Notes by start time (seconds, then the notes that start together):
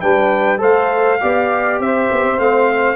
0.00 G3 D4 B4 G5
0.58 A3 A4 C5 F5
1.20 B3 G4 D5
1.80 C4 C5 E5
2.11 B3
2.23 C4
2.38 A3 C4 F5